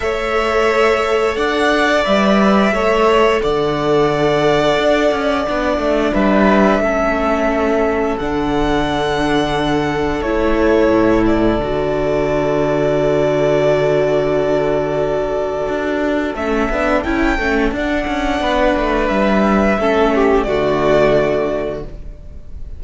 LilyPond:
<<
  \new Staff \with { instrumentName = "violin" } { \time 4/4 \tempo 4 = 88 e''2 fis''4 e''4~ | e''4 fis''2.~ | fis''4 e''2. | fis''2. cis''4~ |
cis''8 d''2.~ d''8~ | d''1 | e''4 g''4 fis''2 | e''2 d''2 | }
  \new Staff \with { instrumentName = "violin" } { \time 4/4 cis''2 d''2 | cis''4 d''2.~ | d''4 b'4 a'2~ | a'1~ |
a'1~ | a'1~ | a'2. b'4~ | b'4 a'8 g'8 fis'2 | }
  \new Staff \with { instrumentName = "viola" } { \time 4/4 a'2. b'4 | a'1 | d'2 cis'2 | d'2. e'4~ |
e'4 fis'2.~ | fis'1 | cis'8 d'8 e'8 cis'8 d'2~ | d'4 cis'4 a2 | }
  \new Staff \with { instrumentName = "cello" } { \time 4/4 a2 d'4 g4 | a4 d2 d'8 cis'8 | b8 a8 g4 a2 | d2. a4 |
a,4 d2.~ | d2. d'4 | a8 b8 cis'8 a8 d'8 cis'8 b8 a8 | g4 a4 d2 | }
>>